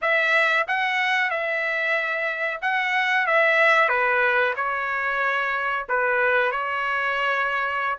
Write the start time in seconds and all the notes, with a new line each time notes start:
0.01 E5
0.67 F#5
1.30 E5
2.61 F#5
3.26 E5
3.88 B4
4.55 C#5
5.88 B4
6.51 C#5